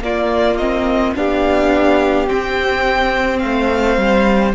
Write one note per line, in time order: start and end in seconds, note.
0.00 1.13 A#3
0.00 0.59 A#3
0.00 1.17 F4
0.00 0.57 D5
0.57 1.16 C4
0.57 1.13 D#5
1.16 2.29 B3
1.16 2.27 D4
1.16 3.42 G4
1.16 2.29 F5
2.27 4.53 C4
2.27 3.44 C4
2.27 3.39 G5
3.39 3.97 A3
3.39 4.54 C5
3.39 4.52 F5
3.97 4.54 G3